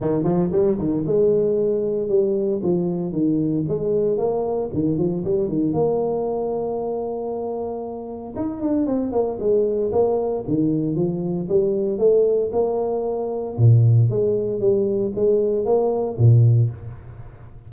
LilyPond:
\new Staff \with { instrumentName = "tuba" } { \time 4/4 \tempo 4 = 115 dis8 f8 g8 dis8 gis2 | g4 f4 dis4 gis4 | ais4 dis8 f8 g8 dis8 ais4~ | ais1 |
dis'8 d'8 c'8 ais8 gis4 ais4 | dis4 f4 g4 a4 | ais2 ais,4 gis4 | g4 gis4 ais4 ais,4 | }